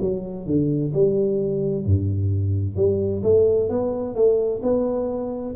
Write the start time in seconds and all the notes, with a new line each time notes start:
0.00 F#3
0.46 D3
0.93 G3
1.85 G2
2.76 G3
3.23 A3
3.69 B3
4.15 A3
4.62 B3